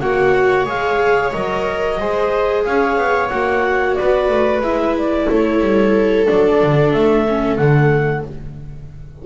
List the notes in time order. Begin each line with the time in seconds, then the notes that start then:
0.00 A#3 F#4 C#5 F#5
0.66 G#3 G#4 F5
1.31 F#3 A#4 D#5
1.98 G#3 G#4 C5
2.64 C#4 C#5 F5
2.97 B3
3.29 A#3 F#4 F#5
3.95 B4 D5
4.01 B3
4.29 A3
4.61 G#3 E4 E5
4.98 D5
5.30 A3 A4 C#5
5.61 G3
6.27 F#3 D4 D5
6.63 D3
6.93 A3 E5
7.29 C#4
7.57 D3 A3 F#5